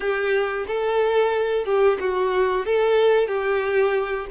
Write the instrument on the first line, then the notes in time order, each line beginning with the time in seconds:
violin
0.00 G4
0.67 A4
1.65 G4
1.99 F#4
2.65 A4
3.27 G4